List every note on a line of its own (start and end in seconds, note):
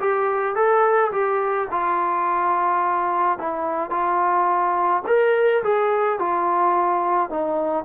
0.00 0.55 G4
0.55 1.11 A4
1.12 1.68 G4
1.71 3.38 F4
3.38 3.90 E4
3.90 5.02 F4
5.07 5.63 A#4
5.64 6.19 G#4
6.19 7.30 F4
7.30 7.85 D#4